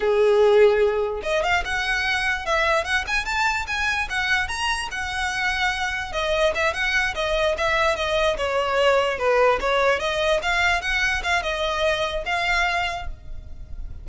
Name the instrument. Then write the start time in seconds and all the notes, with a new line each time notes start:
violin
0.00 G#4
1.22 D#5
1.43 F5
1.64 F#5
2.45 E5
2.84 F#5
3.07 G#5
3.25 A5
3.67 G#5
4.09 F#5
4.48 A#5
4.91 F#5
6.12 D#5
6.55 E5
6.73 F#5
7.14 D#5
7.57 E5
7.96 D#5
8.37 C#5
9.18 B4
9.60 C#5
9.99 D#5
10.42 F5
10.81 F#5
11.23 F5
11.42 D#5
12.25 F5